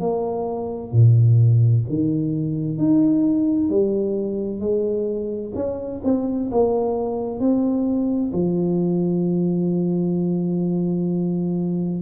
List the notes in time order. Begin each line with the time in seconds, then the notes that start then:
0.00 A#3
0.92 A#2
1.89 D#3
2.79 D#4
3.70 G3
4.60 G#3
5.55 C#4
6.05 C4
6.52 A#3
7.40 C4
8.33 F3